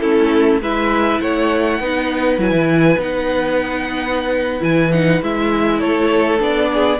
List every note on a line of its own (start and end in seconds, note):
0.00 0.61 A3
0.00 0.62 C#4
0.00 0.62 E4
0.00 0.59 A4
0.61 1.20 G#3
0.61 1.82 E4
0.61 1.21 B4
0.61 1.21 E5
1.21 1.80 A3
1.21 1.81 C#5
1.21 2.40 F#5
1.80 2.38 B3
1.80 2.39 D#4
1.80 5.80 B4
2.38 2.51 F#3
2.38 2.98 E4
2.38 3.02 G#5
2.51 2.96 E3
2.98 4.62 B3
2.98 4.60 D#4
2.98 4.64 F#5
4.60 5.22 E3
4.60 4.90 E4
4.60 4.93 G#5
4.93 5.22 D#4
4.93 5.22 F#5
5.22 5.82 G#3
5.22 6.39 E4
5.22 5.80 E5
5.80 6.41 A3
5.80 6.69 A4
5.80 6.40 C#5
6.39 7.00 B3
6.39 6.98 D4
6.39 7.00 D5
6.73 7.00 G#4